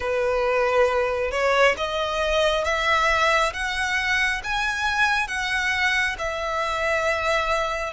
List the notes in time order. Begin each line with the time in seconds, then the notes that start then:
0.00 B4
1.31 C#5
1.76 D#5
2.64 E5
3.53 F#5
4.43 G#5
5.27 F#5
6.18 E5